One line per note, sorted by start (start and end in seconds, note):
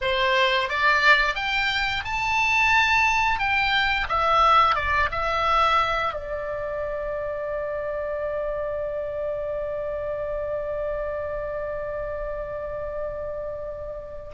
0.01 0.69 C5
0.69 1.35 D5
1.35 2.03 G5
2.05 3.39 A5
3.39 4.07 G5
4.08 4.75 E5
4.75 5.09 D5
5.11 6.13 E5
6.13 14.31 D5